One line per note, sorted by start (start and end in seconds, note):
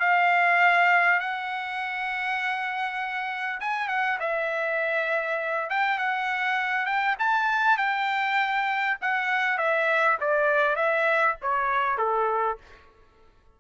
0.00 1.20 F5
1.20 3.60 F#5
3.61 3.89 G#5
3.89 4.19 F#5
4.20 5.70 E5
5.70 5.98 G5
5.98 6.86 F#5
6.86 7.16 G5
7.19 7.78 A5
7.78 8.98 G5
9.02 9.58 F#5
9.58 10.18 E5
10.21 10.76 D5
10.76 11.36 E5
11.42 11.98 C#5
11.98 12.58 A4